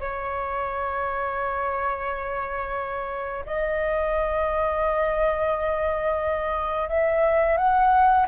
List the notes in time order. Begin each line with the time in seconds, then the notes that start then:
0.00 C#5
3.46 D#5
6.89 E5
7.57 F#5